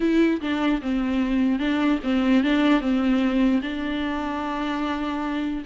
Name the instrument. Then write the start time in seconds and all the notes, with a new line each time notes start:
viola
0.00 E4
0.41 D4
0.81 C4
1.59 D4
2.03 C4
2.43 D4
2.80 C4
3.61 D4